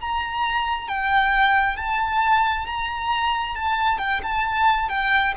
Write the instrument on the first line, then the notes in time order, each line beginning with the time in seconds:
violin
0.00 A#5
0.88 G5
1.76 A5
2.66 A#5
3.55 A5
3.98 G5
4.23 A5
4.88 G5